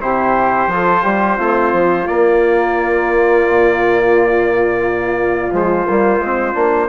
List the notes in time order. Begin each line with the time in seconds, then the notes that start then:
0.00 C3 E4 G4 C5
0.66 F3 F4
0.74 A4
1.02 G3 G4
1.37 A3 C4 F4
1.72 F3
2.05 A#3 D5
3.48 A#2
5.51 F3 G#3 C5
5.89 G3 A#3
6.18 G#3 C4
6.53 A#3 D4